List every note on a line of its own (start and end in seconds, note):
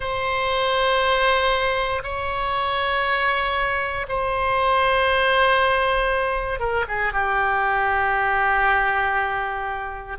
0.00 2.02 C5
2.03 4.06 C#5
4.08 6.59 C5
6.59 6.85 A#4
6.88 7.12 G#4
7.12 10.17 G4